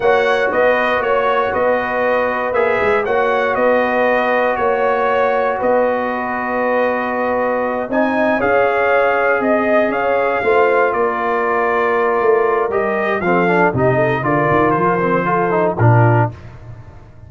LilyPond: <<
  \new Staff \with { instrumentName = "trumpet" } { \time 4/4 \tempo 4 = 118 fis''4 dis''4 cis''4 dis''4~ | dis''4 e''4 fis''4 dis''4~ | dis''4 cis''2 dis''4~ | dis''2.~ dis''8 gis''8~ |
gis''8 f''2 dis''4 f''8~ | f''4. d''2~ d''8~ | d''4 dis''4 f''4 dis''4 | d''4 c''2 ais'4 | }
  \new Staff \with { instrumentName = "horn" } { \time 4/4 cis''4 b'4 cis''4 b'4~ | b'2 cis''4 b'4~ | b'4 cis''2 b'4~ | b'2.~ b'8 dis''8~ |
dis''8 cis''2 dis''4 cis''8~ | cis''8 c''4 ais'2~ ais'8~ | ais'2 a'4 g'8 a'8 | ais'2 a'4 f'4 | }
  \new Staff \with { instrumentName = "trombone" } { \time 4/4 fis'1~ | fis'4 gis'4 fis'2~ | fis'1~ | fis'2.~ fis'8 dis'8~ |
dis'8 gis'2.~ gis'8~ | gis'8 f'2.~ f'8~ | f'4 g'4 c'8 d'8 dis'4 | f'4. c'8 f'8 dis'8 d'4 | }
  \new Staff \with { instrumentName = "tuba" } { \time 4/4 ais4 b4 ais4 b4~ | b4 ais8 gis8 ais4 b4~ | b4 ais2 b4~ | b2.~ b8 c'8~ |
c'8 cis'2 c'4 cis'8~ | cis'8 a4 ais2~ ais8 | a4 g4 f4 c4 | d8 dis8 f2 ais,4 | }
>>